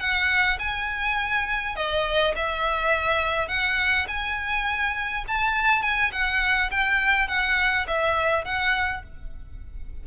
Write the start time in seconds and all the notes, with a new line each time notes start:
0.00 F#5
0.59 G#5
1.76 D#5
2.36 E5
3.48 F#5
4.08 G#5
5.28 A5
5.82 G#5
6.12 F#5
6.71 G5
7.28 F#5
7.87 E5
8.45 F#5